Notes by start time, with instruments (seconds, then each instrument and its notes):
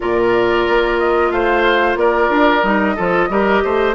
0.00 bassoon A#2, clarinet F4, oboe A#4, flute D5
0.68 bassoon A#3
0.98 flute D#5
1.30 bassoon A3, oboe C5, flute F5
1.95 bassoon A#3, oboe A#4, flute D5
2.29 bassoon D4
2.63 bassoon G3, clarinet D#4, flute D#5
2.95 bassoon F3, clarinet F4, oboe A4
3.29 bassoon G3, clarinet G4, oboe A#4
3.64 bassoon A3, oboe C5